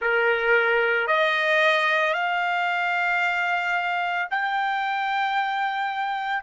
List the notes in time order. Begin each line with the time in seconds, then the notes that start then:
0.01 A#4
1.07 D#5
2.13 F5
4.30 G5